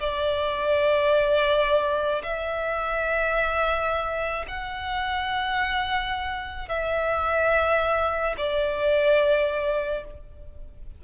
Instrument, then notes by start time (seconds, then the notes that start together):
violin
0.00 D5
2.23 E5
4.48 F#5
6.69 E5
8.37 D5